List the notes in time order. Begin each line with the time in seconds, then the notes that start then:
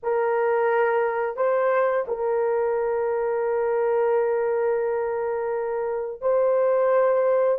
0.03 A#4
1.36 C5
2.07 A#4
6.21 C5